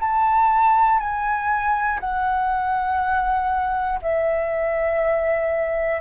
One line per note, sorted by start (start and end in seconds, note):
0.00 1.00 A5
1.00 2.00 G#5
2.00 4.00 F#5
4.02 6.01 E5